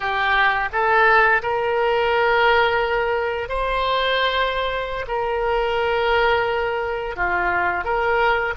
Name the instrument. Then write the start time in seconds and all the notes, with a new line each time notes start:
oboe
0.00 G4
0.72 A4
1.42 A#4
3.49 C5
5.07 A#4
7.15 F4
7.84 A#4